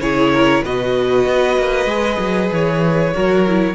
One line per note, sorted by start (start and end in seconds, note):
0.00 0.62 C#3
0.00 0.64 E4
0.00 0.33 G#4
0.00 0.63 C#5
0.33 0.64 A#4
0.64 1.26 B2
0.64 1.88 F#4
0.64 3.14 B4
0.64 2.52 D#5
1.26 1.57 B3
1.57 1.86 A#3
1.86 2.17 G#3
1.86 3.12 G#4
2.19 2.50 F#3
2.52 3.14 E3
2.52 3.75 C#5
3.14 3.75 F#3
3.14 3.46 F#4
3.14 3.75 A#4
3.47 3.75 E4